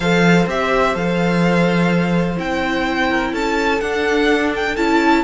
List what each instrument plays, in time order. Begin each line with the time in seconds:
0.00 cello F3, viola A4, violin C5 F5
0.47 cello C4, viola G4, violin E5
0.94 cello F3, viola A4, violin F5
2.36 cello C4, viola E4, violin G5
3.10 violin A#4
3.32 cello C#4, violin A4 A5
3.81 cello D4, viola D4, violin F#5
4.55 violin G5
4.76 cello C#4, viola E4, violin A5